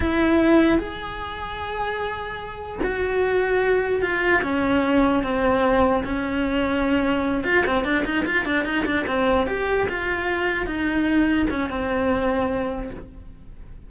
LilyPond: \new Staff \with { instrumentName = "cello" } { \time 4/4 \tempo 4 = 149 e'2 gis'2~ | gis'2. fis'4~ | fis'2 f'4 cis'4~ | cis'4 c'2 cis'4~ |
cis'2~ cis'8 f'8 c'8 d'8 | dis'8 f'8 d'8 dis'8 d'8 c'4 g'8~ | g'8 f'2 dis'4.~ | dis'8 cis'8 c'2. | }